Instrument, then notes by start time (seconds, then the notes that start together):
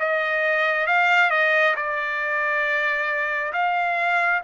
trumpet
0.00 D#5
0.87 F5
1.31 D#5
1.76 D5
3.53 F5